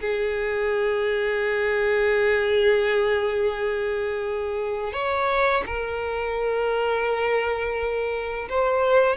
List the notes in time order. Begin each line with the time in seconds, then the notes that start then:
0.00 G#4
4.93 C#5
5.66 A#4
8.49 C5